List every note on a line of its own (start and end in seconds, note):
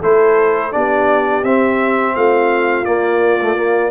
0.00 0.75 A3
0.00 0.72 E4
0.00 0.71 A4
0.00 0.73 C5
0.72 1.44 B3
0.72 1.43 D4
0.72 2.15 G4
0.72 1.44 D5
1.44 2.15 C4
1.44 2.86 C4
1.44 2.16 E5
2.15 2.86 A3
2.15 3.92 F4
2.15 2.85 F5
2.85 3.39 A#3
2.85 3.92 A#3
2.85 3.92 D5
3.43 3.57 A3
3.57 3.92 A#3